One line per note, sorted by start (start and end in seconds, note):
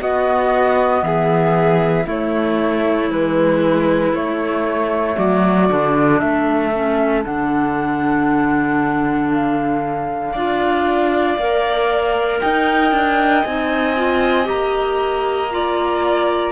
0.00 2.05 B3
0.00 1.03 B3
0.00 1.05 F#4
0.00 1.04 D#5
1.03 2.06 E3
1.03 2.07 G#4
1.03 2.08 E5
2.05 3.09 A3
2.05 3.11 A3
2.05 5.17 E4
2.05 3.12 C#5
3.09 4.12 E3
3.09 4.13 G#3
3.09 4.15 B4
4.13 5.17 A3
4.13 5.70 A3
4.13 5.18 C#5
5.17 5.70 F#3
5.17 6.20 F#4
5.17 6.20 D5
5.70 6.22 D3
5.70 6.73 D4
6.20 7.26 A3
6.20 10.33 A4
6.20 7.23 E5
6.74 7.24 C#4
7.24 10.35 D3
7.24 10.35 D4
7.24 9.31 F#5
9.31 12.41 F5
10.33 11.38 D4
10.33 11.39 F4
10.33 12.40 D5
11.39 12.42 A#3
11.39 13.46 A#4
12.41 12.92 D#4
12.41 15.52 D#5
12.41 13.44 G5
12.92 13.44 D4
13.44 14.49 C4
13.44 13.97 D#4
13.44 14.47 G#5
13.97 14.45 F4
14.45 16.53 A#3
14.45 15.48 G4
14.45 16.53 A#5
15.51 16.53 F4
15.51 16.53 D5